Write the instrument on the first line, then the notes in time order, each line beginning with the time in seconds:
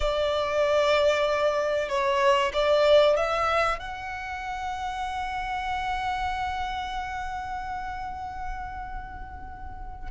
violin
0.00 D5
1.88 C#5
2.53 D5
3.16 E5
3.79 F#5